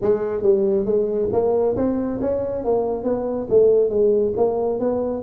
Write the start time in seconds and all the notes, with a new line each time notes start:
0.01 G#3
0.42 G3
0.85 G#3
1.32 A#3
1.76 C4
2.21 C#4
2.64 A#3
3.03 B3
3.49 A3
3.89 G#3
4.36 A#3
4.79 B3